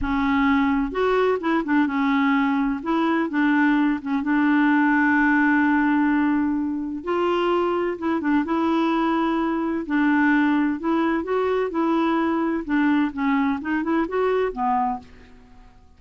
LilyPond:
\new Staff \with { instrumentName = "clarinet" } { \time 4/4 \tempo 4 = 128 cis'2 fis'4 e'8 d'8 | cis'2 e'4 d'4~ | d'8 cis'8 d'2.~ | d'2. f'4~ |
f'4 e'8 d'8 e'2~ | e'4 d'2 e'4 | fis'4 e'2 d'4 | cis'4 dis'8 e'8 fis'4 b4 | }